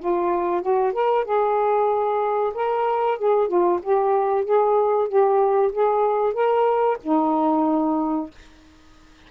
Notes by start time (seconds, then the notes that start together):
0.00 F4
0.62 F#4
0.93 A#4
1.25 G#4
2.55 A#4
3.19 G#4
3.48 F4
3.83 G4
4.45 G#4
5.09 G4
5.73 G#4
6.34 A#4
7.04 D#4